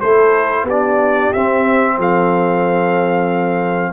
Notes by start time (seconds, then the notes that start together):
0.00 A3 E4 A4 C5
0.63 B3 G4
0.69 D4 D5
1.33 C4 E5
1.98 F3 A4 F5